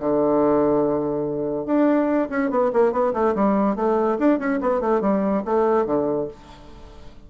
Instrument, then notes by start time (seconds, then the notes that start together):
bassoon
0.00 D3
1.66 D4
2.30 C#4
2.50 B3
2.73 A#3
2.92 B3
3.14 A3
3.35 G3
3.76 A3
4.19 D4
4.39 C#4
4.61 B3
4.81 A3
5.01 G3
5.45 A3
5.86 D3